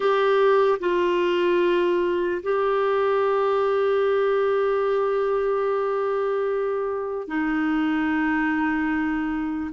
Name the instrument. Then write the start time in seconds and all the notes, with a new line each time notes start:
clarinet
0.00 G4
0.79 F4
2.43 G4
7.27 D#4